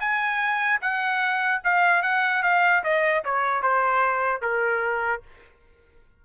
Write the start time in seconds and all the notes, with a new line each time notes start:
0.00 G#5
0.81 F#5
1.64 F5
2.03 F#5
2.43 F5
2.84 D#5
3.25 C#5
3.62 C5
4.42 A#4